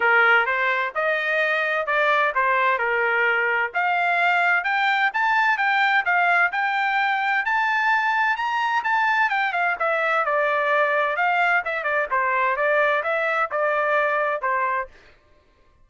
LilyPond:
\new Staff \with { instrumentName = "trumpet" } { \time 4/4 \tempo 4 = 129 ais'4 c''4 dis''2 | d''4 c''4 ais'2 | f''2 g''4 a''4 | g''4 f''4 g''2 |
a''2 ais''4 a''4 | g''8 f''8 e''4 d''2 | f''4 e''8 d''8 c''4 d''4 | e''4 d''2 c''4 | }